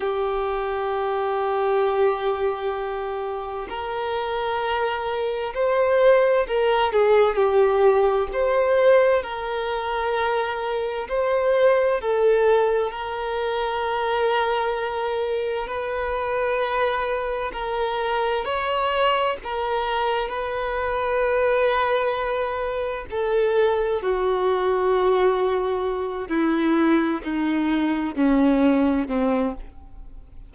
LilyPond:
\new Staff \with { instrumentName = "violin" } { \time 4/4 \tempo 4 = 65 g'1 | ais'2 c''4 ais'8 gis'8 | g'4 c''4 ais'2 | c''4 a'4 ais'2~ |
ais'4 b'2 ais'4 | cis''4 ais'4 b'2~ | b'4 a'4 fis'2~ | fis'8 e'4 dis'4 cis'4 c'8 | }